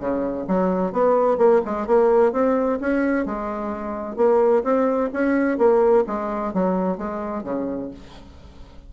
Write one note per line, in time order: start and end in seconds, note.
0.00 0.47 C#3
0.48 0.93 F#3
0.93 1.38 B3
1.38 1.61 A#3
1.66 1.87 G#3
1.87 2.33 A#3
2.33 2.79 C4
2.81 3.26 C#4
3.26 4.17 G#3
4.17 4.63 A#3
4.64 5.10 C4
5.13 5.58 C#4
5.58 6.05 A#3
6.07 6.54 G#3
6.54 6.98 F#3
6.98 7.44 G#3
7.44 7.91 C#3